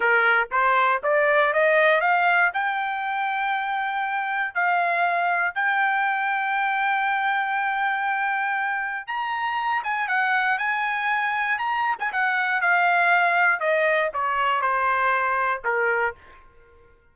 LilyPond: \new Staff \with { instrumentName = "trumpet" } { \time 4/4 \tempo 4 = 119 ais'4 c''4 d''4 dis''4 | f''4 g''2.~ | g''4 f''2 g''4~ | g''1~ |
g''2 ais''4. gis''8 | fis''4 gis''2 ais''8. gis''16 | fis''4 f''2 dis''4 | cis''4 c''2 ais'4 | }